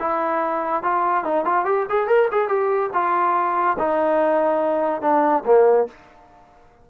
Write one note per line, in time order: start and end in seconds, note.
0.00 0.83 E4
0.83 1.25 F4
1.25 1.45 D#4
1.45 1.65 F4
1.65 1.86 G4
1.89 2.08 G#4
2.08 2.29 A#4
2.32 2.49 G#4
2.49 2.90 G4
2.94 3.77 F4
3.79 5.02 D#4
5.02 5.44 D4
5.46 5.88 A#3